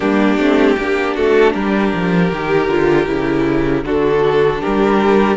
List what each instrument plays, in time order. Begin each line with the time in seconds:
0.00 cello G3, viola A#3, violin D4 G4
0.37 cello A3, viola C4
0.75 cello A#3, viola D4, violin G4
1.14 cello A3, violin F#4 A4
1.53 cello G3, violin G4 A#4
1.93 cello F3
2.31 cello D#3, viola G4
2.67 cello D3, viola F4
3.07 cello C#3, viola E4
3.84 cello D3, viola D4, violin F#4 A4
4.60 cello G3, violin G4 A#4